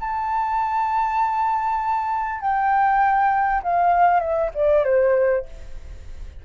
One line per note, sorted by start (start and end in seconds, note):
0.00 2.41 A5
2.41 3.62 G5
3.63 4.20 F5
4.20 4.50 E5
4.55 4.85 D5
4.85 5.45 C5